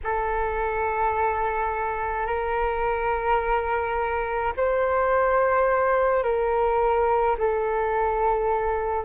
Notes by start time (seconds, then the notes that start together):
0.03 A4
2.26 A#4
4.56 C5
6.23 A#4
7.38 A4